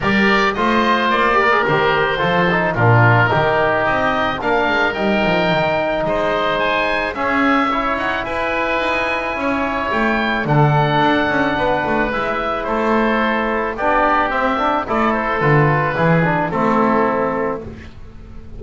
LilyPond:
<<
  \new Staff \with { instrumentName = "oboe" } { \time 4/4 \tempo 4 = 109 d''4 dis''4 d''4 c''4~ | c''4 ais'2 dis''4 | f''4 g''2 dis''4 | gis''4 e''4. fis''8 gis''4~ |
gis''2 g''4 fis''4~ | fis''2 e''4 c''4~ | c''4 d''4 e''4 d''8 c''8 | b'2 a'2 | }
  \new Staff \with { instrumentName = "oboe" } { \time 4/4 ais'4 c''4. ais'4. | a'4 f'4 g'2 | ais'2. c''4~ | c''4 gis'4 cis''4 b'4~ |
b'4 cis''2 a'4~ | a'4 b'2 a'4~ | a'4 g'2 a'4~ | a'4 gis'4 e'2 | }
  \new Staff \with { instrumentName = "trombone" } { \time 4/4 g'4 f'4. g'16 gis'16 g'4 | f'8 dis'8 d'4 dis'2 | d'4 dis'2.~ | dis'4 cis'4 e'2~ |
e'2. d'4~ | d'2 e'2~ | e'4 d'4 c'8 d'8 e'4 | f'4 e'8 d'8 c'2 | }
  \new Staff \with { instrumentName = "double bass" } { \time 4/4 g4 a4 ais4 dis4 | f4 ais,4 dis4 c'4 | ais8 gis8 g8 f8 dis4 gis4~ | gis4 cis'4. dis'8 e'4 |
dis'4 cis'4 a4 d4 | d'8 cis'8 b8 a8 gis4 a4~ | a4 b4 c'4 a4 | d4 e4 a2 | }
>>